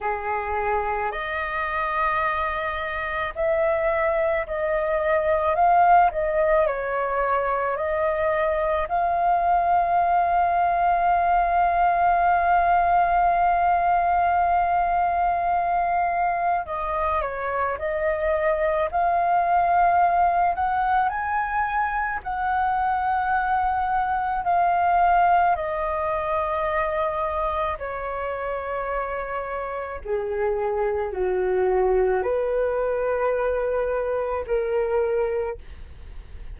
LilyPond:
\new Staff \with { instrumentName = "flute" } { \time 4/4 \tempo 4 = 54 gis'4 dis''2 e''4 | dis''4 f''8 dis''8 cis''4 dis''4 | f''1~ | f''2. dis''8 cis''8 |
dis''4 f''4. fis''8 gis''4 | fis''2 f''4 dis''4~ | dis''4 cis''2 gis'4 | fis'4 b'2 ais'4 | }